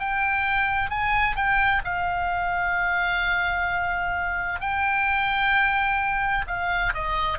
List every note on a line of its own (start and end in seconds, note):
0.00 0.90 G5
0.90 1.36 G#5
1.36 1.83 G5
1.85 4.61 F5
4.61 6.46 G5
6.47 6.94 F5
6.94 7.39 D#5